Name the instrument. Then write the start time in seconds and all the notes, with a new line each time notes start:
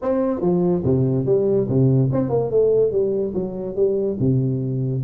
tuba
0.02 C4
0.40 F3
0.83 C3
1.25 G3
1.68 C3
2.12 C4
2.29 A#3
2.50 A3
2.91 G3
3.33 F#3
3.75 G3
4.19 C3